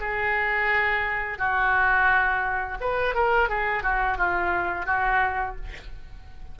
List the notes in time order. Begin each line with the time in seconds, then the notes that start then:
0.00 G#4
1.39 F#4
2.81 B4
3.15 A#4
3.49 G#4
3.83 F#4
4.18 F4
4.86 F#4